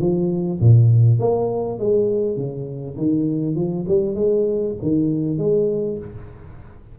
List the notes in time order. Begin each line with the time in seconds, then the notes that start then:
0.00 F3
0.60 A#2
1.19 A#3
1.79 G#3
2.36 C#3
2.97 D#3
3.55 F3
3.88 G3
4.15 G#3
4.82 D#3
5.38 G#3